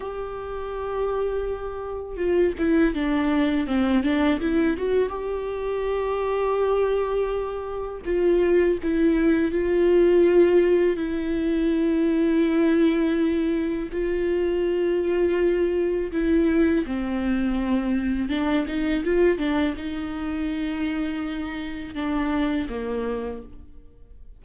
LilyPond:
\new Staff \with { instrumentName = "viola" } { \time 4/4 \tempo 4 = 82 g'2. f'8 e'8 | d'4 c'8 d'8 e'8 fis'8 g'4~ | g'2. f'4 | e'4 f'2 e'4~ |
e'2. f'4~ | f'2 e'4 c'4~ | c'4 d'8 dis'8 f'8 d'8 dis'4~ | dis'2 d'4 ais4 | }